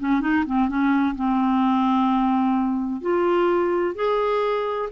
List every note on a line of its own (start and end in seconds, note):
0.00 0.21 C#4
0.21 0.45 D#4
0.46 0.69 C4
0.69 1.16 C#4
1.16 3.02 C4
3.02 3.95 F4
3.95 4.89 G#4